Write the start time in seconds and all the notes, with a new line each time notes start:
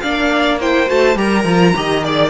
0.00 A#3 D4 D5 F5
0.60 E4 C5 G5
0.86 A3 F#4 A5
1.16 G3 G4 A#4 A#5
1.44 F3 F4
1.75 D#3 G4 D#5
2.04 G#4 D5